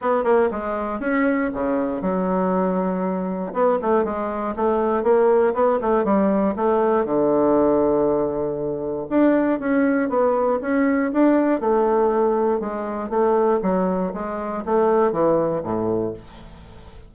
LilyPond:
\new Staff \with { instrumentName = "bassoon" } { \time 4/4 \tempo 4 = 119 b8 ais8 gis4 cis'4 cis4 | fis2. b8 a8 | gis4 a4 ais4 b8 a8 | g4 a4 d2~ |
d2 d'4 cis'4 | b4 cis'4 d'4 a4~ | a4 gis4 a4 fis4 | gis4 a4 e4 a,4 | }